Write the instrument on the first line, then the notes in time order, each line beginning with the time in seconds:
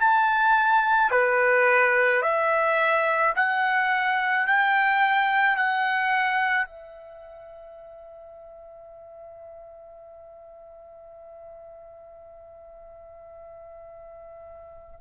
trumpet
0.00 A5
1.11 B4
2.22 E5
3.36 F#5
4.47 G5
5.56 F#5
6.66 E5